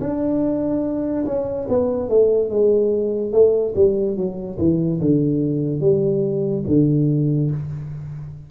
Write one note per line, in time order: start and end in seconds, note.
0.00 1.25 D4
1.25 1.67 C#4
1.69 2.09 B3
2.09 2.50 A3
2.50 3.32 G#3
3.32 3.73 A3
3.75 4.17 G3
4.17 4.58 F#3
4.58 5.00 E3
5.00 5.80 D3
5.80 6.64 G3
6.67 7.50 D3